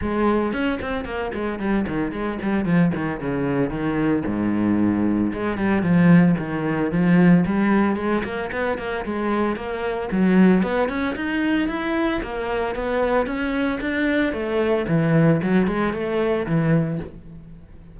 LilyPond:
\new Staff \with { instrumentName = "cello" } { \time 4/4 \tempo 4 = 113 gis4 cis'8 c'8 ais8 gis8 g8 dis8 | gis8 g8 f8 dis8 cis4 dis4 | gis,2 gis8 g8 f4 | dis4 f4 g4 gis8 ais8 |
b8 ais8 gis4 ais4 fis4 | b8 cis'8 dis'4 e'4 ais4 | b4 cis'4 d'4 a4 | e4 fis8 gis8 a4 e4 | }